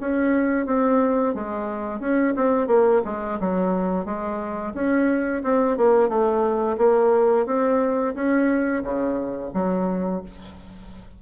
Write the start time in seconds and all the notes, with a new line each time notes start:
0.00 C#4
0.66 C4
1.34 G#3
2.00 C#4
2.36 C4
2.67 A#3
3.05 G#3
3.40 F#3
4.05 G#3
4.74 C#4
5.43 C4
5.77 A#3
6.08 A3
6.77 A#3
7.46 C4
8.14 C#4
8.83 C#3
9.54 F#3